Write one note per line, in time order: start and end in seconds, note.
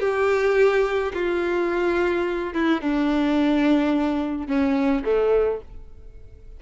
0.00 1.12 G4
1.14 2.54 F4
2.54 2.81 E4
2.81 4.47 D4
4.47 5.03 C#4
5.04 5.60 A3